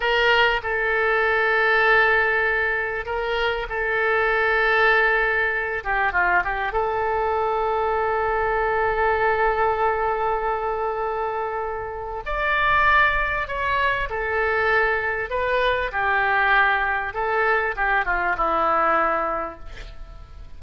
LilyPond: \new Staff \with { instrumentName = "oboe" } { \time 4/4 \tempo 4 = 98 ais'4 a'2.~ | a'4 ais'4 a'2~ | a'4. g'8 f'8 g'8 a'4~ | a'1~ |
a'1 | d''2 cis''4 a'4~ | a'4 b'4 g'2 | a'4 g'8 f'8 e'2 | }